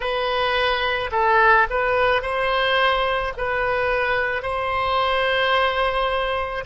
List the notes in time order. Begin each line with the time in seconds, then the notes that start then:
0.00 B4
1.11 A4
1.70 B4
2.22 C5
3.37 B4
4.42 C5